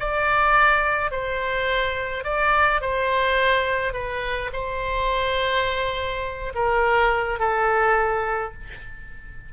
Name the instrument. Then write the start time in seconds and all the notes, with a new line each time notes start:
oboe
0.00 D5
1.11 C5
2.24 D5
2.82 C5
3.93 B4
4.53 C5
6.55 A#4
7.39 A4